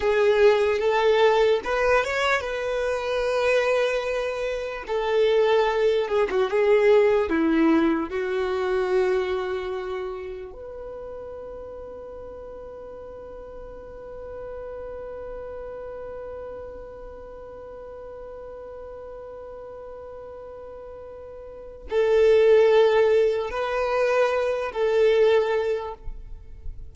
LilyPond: \new Staff \with { instrumentName = "violin" } { \time 4/4 \tempo 4 = 74 gis'4 a'4 b'8 cis''8 b'4~ | b'2 a'4. gis'16 fis'16 | gis'4 e'4 fis'2~ | fis'4 b'2.~ |
b'1~ | b'1~ | b'2. a'4~ | a'4 b'4. a'4. | }